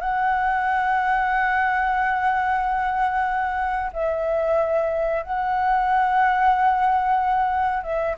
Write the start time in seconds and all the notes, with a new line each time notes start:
0.00 F#5
3.92 E5
5.23 F#5
7.83 E5